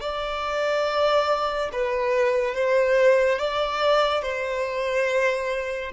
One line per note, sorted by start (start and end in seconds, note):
0.00 1.69 D5
1.72 2.55 B4
2.55 3.39 C5
3.39 4.23 D5
4.23 5.92 C5